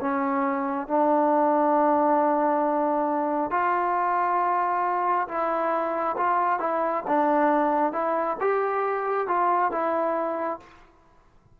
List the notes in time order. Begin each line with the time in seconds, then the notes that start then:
0.00 C#4
0.87 D4
3.51 F4
5.28 E4
6.17 F4
6.59 E4
7.07 D4
7.92 E4
8.40 G4
9.27 F4
9.71 E4